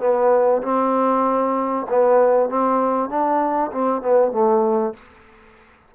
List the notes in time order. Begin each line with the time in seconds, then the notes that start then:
0.00 B3
0.62 C4
1.90 B3
2.49 C4
3.09 D4
3.72 C4
4.02 B3
4.32 A3